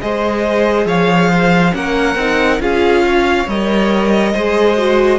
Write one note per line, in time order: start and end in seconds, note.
0.00 0.85 G#3
0.00 1.72 G#4
0.00 0.86 C5
0.00 0.87 D#5
0.85 1.72 F3
0.85 1.29 C#5
0.85 1.74 F5
1.29 1.73 C5
1.72 2.15 A#3
1.72 2.15 C#4
1.72 2.61 A#4
1.72 2.61 F#5
2.15 2.59 C4
2.15 2.60 D#4
2.59 3.46 C#4
2.59 3.47 F4
2.59 3.05 G#4
2.59 3.48 F5
3.06 4.32 C#5
3.47 4.34 G3
3.47 4.35 A#4
3.47 5.19 D#5
4.32 5.19 G#3
4.32 4.76 G#4
4.32 5.19 C5
4.76 5.19 F#4